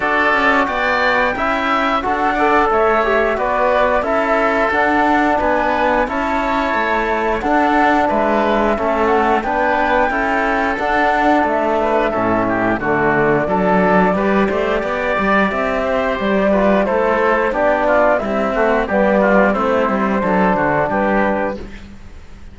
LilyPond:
<<
  \new Staff \with { instrumentName = "flute" } { \time 4/4 \tempo 4 = 89 d''4 g''2 fis''4 | e''4 d''4 e''4 fis''4 | gis''4 a''2 fis''4 | e''4. fis''8 g''2 |
fis''4 e''2 d''4~ | d''2. e''4 | d''4 c''4 d''4 e''4 | d''4 c''2 b'4 | }
  \new Staff \with { instrumentName = "oboe" } { \time 4/4 a'4 d''4 e''4 a'8 d''8 | cis''4 b'4 a'2 | b'4 cis''2 a'4 | b'4 a'4 b'4 a'4~ |
a'4. b'8 a'8 g'8 fis'4 | a'4 b'8 c''8 d''4. c''8~ | c''8 b'8 a'4 g'8 f'8 e'8 fis'8 | g'8 f'8 e'4 a'8 fis'8 g'4 | }
  \new Staff \with { instrumentName = "trombone" } { \time 4/4 fis'2 e'4 fis'8 a'8~ | a'8 g'8 fis'4 e'4 d'4~ | d'4 e'2 d'4~ | d'4 cis'4 d'4 e'4 |
d'2 cis'4 a4 | d'4 g'2.~ | g'8 f'8 e'4 d'4 g8 a8 | b4 c'4 d'2 | }
  \new Staff \with { instrumentName = "cello" } { \time 4/4 d'8 cis'8 b4 cis'4 d'4 | a4 b4 cis'4 d'4 | b4 cis'4 a4 d'4 | gis4 a4 b4 cis'4 |
d'4 a4 a,4 d4 | fis4 g8 a8 b8 g8 c'4 | g4 a4 b4 c'4 | g4 a8 g8 fis8 d8 g4 | }
>>